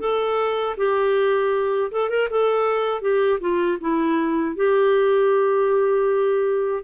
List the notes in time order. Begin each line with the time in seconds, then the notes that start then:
0.00 A4
0.77 G4
1.92 A4
2.10 A#4
2.30 A4
3.01 G4
3.40 F4
3.80 E4
4.56 G4